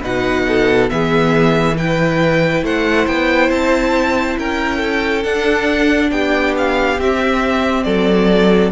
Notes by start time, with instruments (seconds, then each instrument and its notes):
0.00 cello B2, viola D#4, violin B4 F#5
0.48 violin A4
0.89 cello E3, viola B3, violin G#4 E5
1.78 viola E4, violin B4 G5
2.63 cello A3, violin C5 F#5
3.07 cello B3, violin G5
3.50 cello C4, violin A5
4.39 cello C#4, violin A#4 G5
4.78 violin A4
5.24 viola D4, cello D4, violin F#5
6.11 cello B3, violin G4 G5
6.58 violin F5
6.98 cello C4, viola C4, violin E5
7.84 cello F#3, violin A4 D5